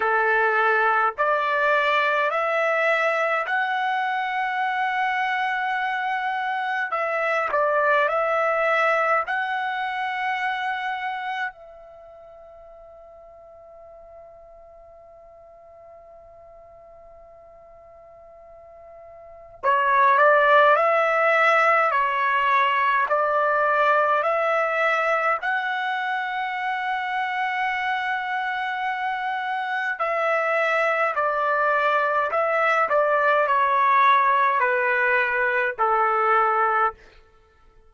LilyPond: \new Staff \with { instrumentName = "trumpet" } { \time 4/4 \tempo 4 = 52 a'4 d''4 e''4 fis''4~ | fis''2 e''8 d''8 e''4 | fis''2 e''2~ | e''1~ |
e''4 cis''8 d''8 e''4 cis''4 | d''4 e''4 fis''2~ | fis''2 e''4 d''4 | e''8 d''8 cis''4 b'4 a'4 | }